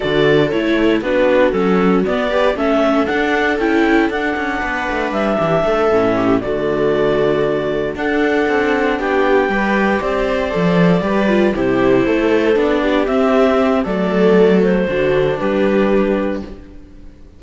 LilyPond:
<<
  \new Staff \with { instrumentName = "clarinet" } { \time 4/4 \tempo 4 = 117 d''4 cis''4 b'4 a'4 | d''4 e''4 fis''4 g''4 | fis''2 e''2~ | e''8 d''2. fis''8~ |
fis''4. g''2 d''8~ | d''2~ d''8 c''4.~ | c''8 d''4 e''4. d''4~ | d''8 c''4. b'2 | }
  \new Staff \with { instrumentName = "viola" } { \time 4/4 a'2 fis'2~ | fis'8 b'8 a'2.~ | a'4 b'4. g'8 a'4 | g'8 fis'2. a'8~ |
a'4. g'4 b'4 c''8~ | c''4. b'4 g'4 a'8~ | a'4 g'2 a'4~ | a'4 fis'4 g'2 | }
  \new Staff \with { instrumentName = "viola" } { \time 4/4 fis'4 e'4 d'4 cis'4 | b8 g'8 cis'4 d'4 e'4 | d'2.~ d'8 cis'8~ | cis'8 a2. d'8~ |
d'2~ d'8 g'4.~ | g'8 a'4 g'8 f'8 e'4.~ | e'8 d'4 c'4. a4~ | a4 d'2. | }
  \new Staff \with { instrumentName = "cello" } { \time 4/4 d4 a4 b4 fis4 | b4 a4 d'4 cis'4 | d'8 cis'8 b8 a8 g8 e8 a8 a,8~ | a,8 d2. d'8~ |
d'8 c'4 b4 g4 c'8~ | c'8 f4 g4 c4 a8~ | a8 b4 c'4. fis4~ | fis4 d4 g2 | }
>>